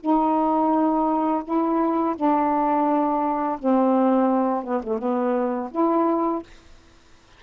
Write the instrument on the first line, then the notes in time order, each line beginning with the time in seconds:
saxophone
0.00 D#4
1.44 E4
2.16 D4
3.59 C4
4.64 B3
4.83 A3
4.98 B3
5.71 E4